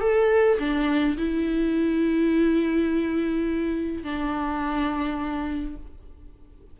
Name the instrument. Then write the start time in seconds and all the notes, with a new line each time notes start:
viola
0.00 A4
0.59 D4
1.17 E4
4.03 D4